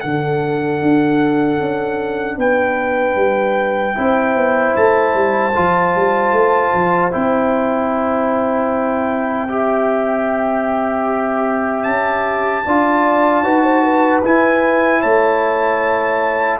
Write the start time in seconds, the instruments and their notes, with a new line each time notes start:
0.00 tuba D3, trombone D4, horn A4, trumpet F#5
0.81 tuba D4
1.60 tuba C#4
2.37 tuba B3, horn B4, trumpet G5
3.15 tuba G3
3.94 tuba C4, trombone E4, horn C5
4.35 tuba B3
4.76 tuba A3, trumpet A5
5.14 tuba G3
5.55 tuba F3, trombone F4
5.95 tuba G3
6.31 tuba A3
6.74 tuba F3
7.11 tuba C4, trombone E4, trumpet G5
9.48 trombone G4, horn E5
11.83 tuba C#4, trumpet A5
12.65 tuba D4, trombone F4, horn D5
13.42 tuba D#4, trombone F#4, horn B4
13.63 horn C5
13.82 horn B4
14.24 trombone E4, tuba E4, trumpet G#5
15.00 tuba A3, horn C#5, trumpet A5